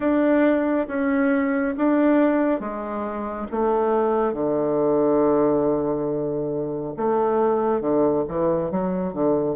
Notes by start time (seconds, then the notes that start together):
0.00 D4
0.87 C#4
1.77 D4
2.59 G#3
3.51 A3
4.33 D3
6.96 A3
7.80 D3
8.28 E3
8.70 F#3
9.13 D3